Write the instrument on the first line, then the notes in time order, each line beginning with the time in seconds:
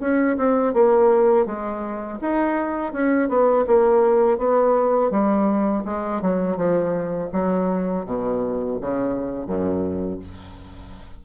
bassoon
0.00 C#4
0.37 C4
0.73 A#3
1.46 G#3
2.21 D#4
2.92 C#4
3.29 B3
3.67 A#3
4.38 B3
5.11 G3
5.85 G#3
6.22 F#3
6.57 F3
7.32 F#3
8.06 B2
8.81 C#3
9.47 F#2